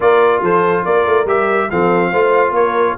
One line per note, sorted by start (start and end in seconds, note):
0.00 0.41 A#3
0.00 1.26 F4
0.00 0.41 A#4
0.00 0.43 D5
0.41 0.84 F3
0.41 0.84 A4
0.41 0.84 C5
0.84 1.05 A#3
0.84 1.69 A#4
0.84 1.27 D5
1.05 1.25 A3
1.25 1.67 G3
1.25 1.70 G4
1.25 1.70 E5
1.70 2.12 F3
1.70 2.13 C4
1.70 2.10 A4
1.70 2.54 F5
2.10 2.51 A3
2.10 2.97 F4
2.10 2.53 C5
2.51 2.94 A#3
2.51 2.96 A#4
2.51 2.97 C#5